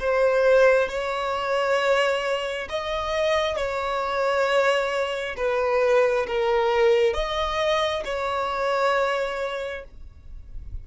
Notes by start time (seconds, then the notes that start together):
0.00 C5
0.89 C#5
2.69 D#5
3.57 C#5
5.37 B4
6.27 A#4
7.14 D#5
8.05 C#5